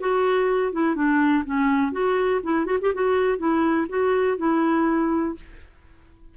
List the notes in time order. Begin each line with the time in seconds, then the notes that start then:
0.00 F#4
0.72 E4
0.95 D4
1.45 C#4
1.92 F#4
2.43 E4
2.66 F#4
2.81 G4
2.94 F#4
3.38 E4
3.89 F#4
4.38 E4